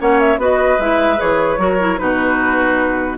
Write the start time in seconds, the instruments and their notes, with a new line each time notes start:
0.00 bassoon A#3, clarinet C#4, oboe C#5, flute F#5
0.20 flute E5
0.38 bassoon B3, clarinet F#4, oboe B4, flute D#5
0.79 bassoon G#3, clarinet E4, flute E5
1.18 bassoon E3, clarinet G#4, flute C#5
1.58 bassoon F#3, clarinet F#4, oboe A#4
1.80 clarinet E4
1.98 bassoon B2, clarinet D#4, oboe F#4, flute B4